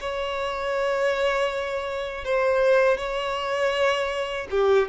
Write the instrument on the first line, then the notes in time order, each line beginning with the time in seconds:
violin
0.00 C#5
2.24 C5
2.97 C#5
4.50 G4